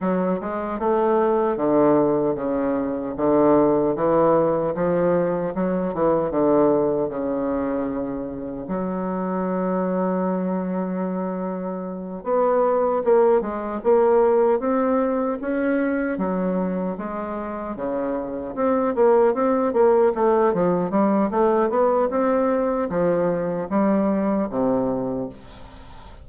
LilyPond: \new Staff \with { instrumentName = "bassoon" } { \time 4/4 \tempo 4 = 76 fis8 gis8 a4 d4 cis4 | d4 e4 f4 fis8 e8 | d4 cis2 fis4~ | fis2.~ fis8 b8~ |
b8 ais8 gis8 ais4 c'4 cis'8~ | cis'8 fis4 gis4 cis4 c'8 | ais8 c'8 ais8 a8 f8 g8 a8 b8 | c'4 f4 g4 c4 | }